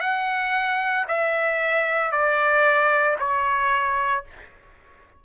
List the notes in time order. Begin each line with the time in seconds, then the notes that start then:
0.00 F#5
1.08 E5
2.11 D5
3.19 C#5